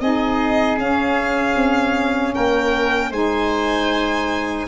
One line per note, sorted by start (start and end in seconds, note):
0.00 0.77 C4
0.00 0.79 D#4
0.00 2.34 G#4
0.00 0.78 D#5
0.77 1.55 C#4
0.77 3.12 C#4
0.77 2.34 F5
1.55 2.33 C4
2.34 3.11 A#3
2.34 3.10 A#4
2.34 3.12 G5
3.10 4.66 G#3
3.10 4.68 D#4
3.10 4.66 C5
3.10 4.68 G#5